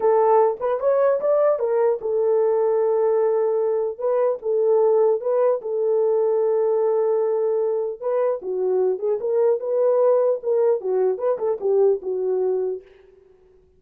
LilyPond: \new Staff \with { instrumentName = "horn" } { \time 4/4 \tempo 4 = 150 a'4. b'8 cis''4 d''4 | ais'4 a'2.~ | a'2 b'4 a'4~ | a'4 b'4 a'2~ |
a'1 | b'4 fis'4. gis'8 ais'4 | b'2 ais'4 fis'4 | b'8 a'8 g'4 fis'2 | }